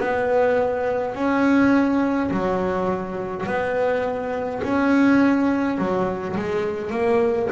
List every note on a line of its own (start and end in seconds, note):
0.00 1.15 B3
1.15 2.30 C#4
2.31 3.46 F#3
3.46 4.62 B3
4.63 5.78 C#4
5.78 6.36 F#3
6.36 6.91 G#3
6.91 7.48 A#3